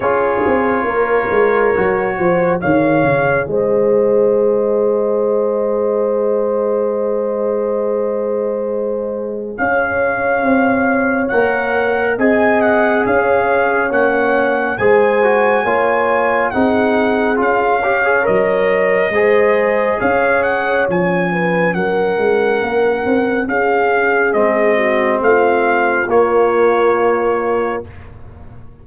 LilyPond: <<
  \new Staff \with { instrumentName = "trumpet" } { \time 4/4 \tempo 4 = 69 cis''2. f''4 | dis''1~ | dis''2. f''4~ | f''4 fis''4 gis''8 fis''8 f''4 |
fis''4 gis''2 fis''4 | f''4 dis''2 f''8 fis''8 | gis''4 fis''2 f''4 | dis''4 f''4 cis''2 | }
  \new Staff \with { instrumentName = "horn" } { \time 4/4 gis'4 ais'4. c''8 cis''4 | c''1~ | c''2. cis''4~ | cis''2 dis''4 cis''4~ |
cis''4 c''4 cis''4 gis'4~ | gis'8 cis''4. c''4 cis''4~ | cis''8 b'8 ais'2 gis'4~ | gis'8 fis'8 f'2. | }
  \new Staff \with { instrumentName = "trombone" } { \time 4/4 f'2 fis'4 gis'4~ | gis'1~ | gis'1~ | gis'4 ais'4 gis'2 |
cis'4 gis'8 fis'8 f'4 dis'4 | f'8 g'16 gis'16 ais'4 gis'2 | cis'1 | c'2 ais2 | }
  \new Staff \with { instrumentName = "tuba" } { \time 4/4 cis'8 c'8 ais8 gis8 fis8 f8 dis8 cis8 | gis1~ | gis2. cis'4 | c'4 ais4 c'4 cis'4 |
ais4 gis4 ais4 c'4 | cis'4 fis4 gis4 cis'4 | f4 fis8 gis8 ais8 c'8 cis'4 | gis4 a4 ais2 | }
>>